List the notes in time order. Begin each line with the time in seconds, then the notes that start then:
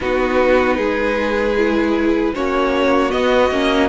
0.00 B3 D#4 F#4 B4
0.76 G#3 G#4
1.57 E4
2.34 A#3 C#4 F#4 C#5
3.10 B3 D#5
3.50 A#3 C#4